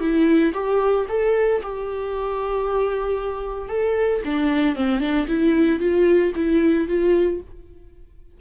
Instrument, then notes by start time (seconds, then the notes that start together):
viola
0.00 E4
0.53 G4
1.09 A4
1.62 G4
3.69 A4
4.25 D4
4.75 C4
5.00 D4
5.28 E4
5.80 F4
6.35 E4
6.88 F4